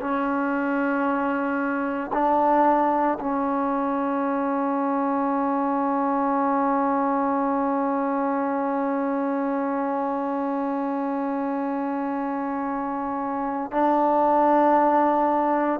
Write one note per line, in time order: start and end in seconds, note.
0.00 2.11 C#4
2.13 3.18 D4
3.20 13.71 C#4
13.71 15.80 D4